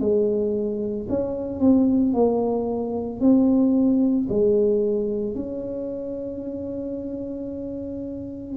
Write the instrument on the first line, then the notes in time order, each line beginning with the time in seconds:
tuba
0.00 G#3
1.10 C#4
1.60 C4
2.14 A#3
3.20 C4
4.29 G#3
5.35 C#4